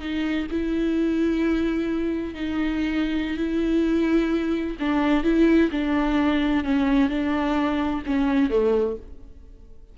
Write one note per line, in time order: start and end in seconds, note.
0.00 0.47 D#4
0.51 2.34 E4
2.34 3.37 D#4
3.37 4.77 E4
4.79 5.23 D4
5.23 5.70 E4
5.71 6.64 D4
6.64 7.09 C#4
7.09 8.02 D4
8.06 8.50 C#4
8.50 8.96 A3